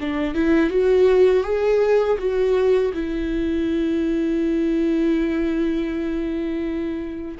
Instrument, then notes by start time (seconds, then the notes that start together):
viola
0.00 D4
0.34 E4
0.70 F#4
1.43 G#4
2.18 F#4
2.93 E4